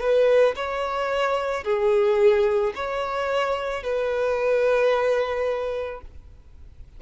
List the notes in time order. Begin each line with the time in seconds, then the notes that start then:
0.00 B4
0.56 C#5
1.64 G#4
2.75 C#5
3.83 B4